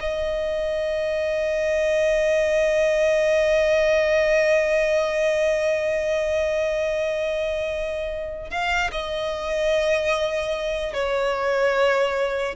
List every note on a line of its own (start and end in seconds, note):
0.00 8.50 D#5
8.50 8.91 F5
8.92 10.93 D#5
10.93 12.56 C#5